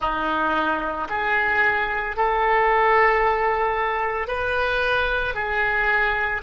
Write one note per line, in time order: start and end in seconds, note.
0.00 1.08 D#4
1.09 2.16 G#4
2.16 4.27 A4
4.27 5.34 B4
5.34 6.41 G#4